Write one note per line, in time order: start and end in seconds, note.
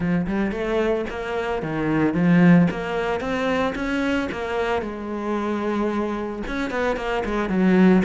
0.00 0.26 F3
0.26 0.51 G3
0.51 1.05 A3
1.09 1.62 A#3
1.62 2.14 D#3
2.14 2.67 F3
2.71 3.20 A#3
3.20 3.74 C4
3.75 4.29 C#4
4.31 4.82 A#3
4.82 6.42 G#3
6.47 6.70 C#4
6.70 6.96 B3
6.96 7.23 A#3
7.24 7.49 G#3
7.49 8.02 F#3